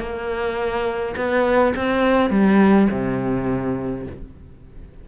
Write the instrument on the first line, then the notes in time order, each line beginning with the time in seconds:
cello
0.00 A#3
1.16 B3
1.76 C4
2.31 G3
2.91 C3